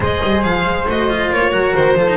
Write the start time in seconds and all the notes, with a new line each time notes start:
0.00 G#3 G#4 C5 D#5
0.23 G3
0.43 F3 F5
0.64 G#3
0.86 A3 F#4 D#5
1.09 F4
1.30 A#3 C#5
1.51 F#3 F#4 A#4
1.74 D#3 C5
1.94 F3 F4 A4
2.07 D#4